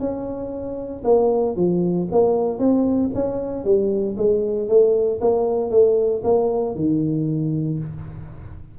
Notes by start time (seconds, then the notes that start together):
0.00 C#4
1.04 A#3
1.57 F3
2.12 A#3
2.59 C4
3.15 C#4
3.65 G3
4.18 G#3
4.69 A3
5.21 A#3
5.71 A3
6.24 A#3
6.76 D#3